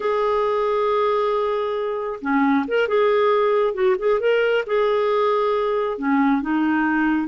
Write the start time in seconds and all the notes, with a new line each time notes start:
0.00 G#4
2.21 C#4
2.67 A#4
2.88 G#4
3.74 F#4
3.98 G#4
4.20 A#4
4.66 G#4
5.98 C#4
6.41 D#4